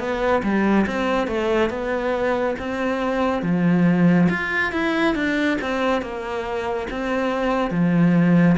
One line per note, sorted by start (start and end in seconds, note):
0.00 0.43 B3
0.44 0.86 G3
0.87 1.28 C4
1.28 1.70 A3
1.70 2.56 B3
2.59 3.43 C4
3.43 4.29 F3
4.30 4.73 F4
4.73 5.15 E4
5.15 5.58 D4
5.62 6.02 C4
6.02 6.88 A#3
6.91 7.71 C4
7.71 8.57 F3